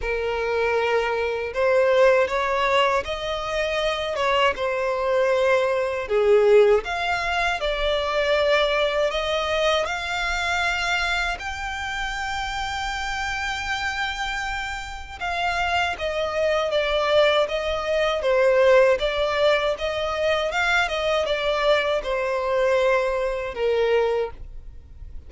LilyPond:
\new Staff \with { instrumentName = "violin" } { \time 4/4 \tempo 4 = 79 ais'2 c''4 cis''4 | dis''4. cis''8 c''2 | gis'4 f''4 d''2 | dis''4 f''2 g''4~ |
g''1 | f''4 dis''4 d''4 dis''4 | c''4 d''4 dis''4 f''8 dis''8 | d''4 c''2 ais'4 | }